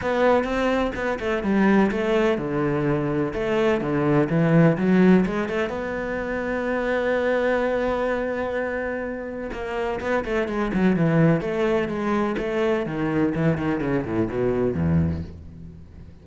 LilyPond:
\new Staff \with { instrumentName = "cello" } { \time 4/4 \tempo 4 = 126 b4 c'4 b8 a8 g4 | a4 d2 a4 | d4 e4 fis4 gis8 a8 | b1~ |
b1 | ais4 b8 a8 gis8 fis8 e4 | a4 gis4 a4 dis4 | e8 dis8 cis8 a,8 b,4 e,4 | }